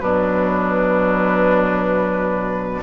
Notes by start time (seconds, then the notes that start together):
0.00 B2 F#3 D4 B4